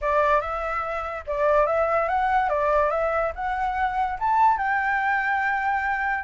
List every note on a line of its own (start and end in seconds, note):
0.01 0.41 D5
0.41 1.24 E5
1.26 1.66 D5
1.66 2.08 E5
2.08 2.49 F#5
2.49 2.90 D5
2.90 3.32 E5
3.35 4.18 F#5
4.19 4.57 A5
4.57 6.24 G5